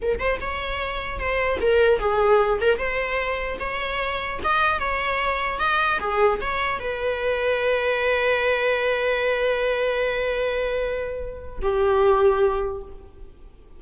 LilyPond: \new Staff \with { instrumentName = "viola" } { \time 4/4 \tempo 4 = 150 ais'8 c''8 cis''2 c''4 | ais'4 gis'4. ais'8 c''4~ | c''4 cis''2 dis''4 | cis''2 dis''4 gis'4 |
cis''4 b'2.~ | b'1~ | b'1~ | b'4 g'2. | }